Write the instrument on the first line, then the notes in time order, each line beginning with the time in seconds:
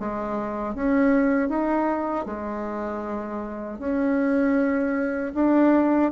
bassoon
0.00 G#3
0.75 C#4
1.49 D#4
2.26 G#3
3.79 C#4
5.35 D4